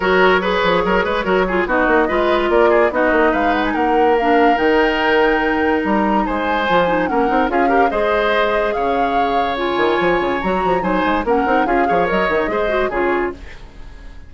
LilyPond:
<<
  \new Staff \with { instrumentName = "flute" } { \time 4/4 \tempo 4 = 144 cis''1 | dis''2 d''4 dis''4 | f''8 fis''16 gis''16 fis''4 f''4 g''4~ | g''2 ais''4 gis''4~ |
gis''4 fis''4 f''4 dis''4~ | dis''4 f''2 gis''4~ | gis''4 ais''4 gis''4 fis''4 | f''4 dis''2 cis''4 | }
  \new Staff \with { instrumentName = "oboe" } { \time 4/4 ais'4 b'4 ais'8 b'8 ais'8 gis'8 | fis'4 b'4 ais'8 gis'8 fis'4 | b'4 ais'2.~ | ais'2. c''4~ |
c''4 ais'4 gis'8 ais'8 c''4~ | c''4 cis''2.~ | cis''2 c''4 ais'4 | gis'8 cis''4. c''4 gis'4 | }
  \new Staff \with { instrumentName = "clarinet" } { \time 4/4 fis'4 gis'2 fis'8 f'8 | dis'4 f'2 dis'4~ | dis'2 d'4 dis'4~ | dis'1 |
f'8 dis'8 cis'8 dis'8 f'8 g'8 gis'4~ | gis'2. f'4~ | f'4 fis'4 dis'4 cis'8 dis'8 | f'8 gis'8 ais'8 dis'8 gis'8 fis'8 f'4 | }
  \new Staff \with { instrumentName = "bassoon" } { \time 4/4 fis4. f8 fis8 gis8 fis4 | b8 ais8 gis4 ais4 b8 ais8 | gis4 ais2 dis4~ | dis2 g4 gis4 |
f4 ais8 c'8 cis'4 gis4~ | gis4 cis2~ cis8 dis8 | f8 cis8 fis8 f8 fis8 gis8 ais8 c'8 | cis'8 f8 fis8 dis8 gis4 cis4 | }
>>